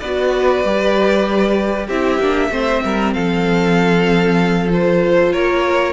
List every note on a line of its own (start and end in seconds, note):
0.00 0.64 B3
0.00 0.64 F#4
0.00 1.87 B4
0.00 1.88 D5
0.64 1.89 G3
0.64 1.89 G4
1.87 2.19 C4
1.87 2.22 E4
1.87 2.49 G4
1.87 3.13 E5
2.19 2.50 A#3
2.19 2.51 D4
2.50 2.82 A3
2.50 4.70 C4
2.50 2.84 C5
2.85 3.15 G3
2.85 3.15 A#4
3.13 5.34 F3
3.13 5.33 A4
3.13 4.70 F5
4.70 5.93 F4
4.70 5.33 C5
5.33 5.93 A#3
5.33 5.93 A#4
5.33 5.93 C#5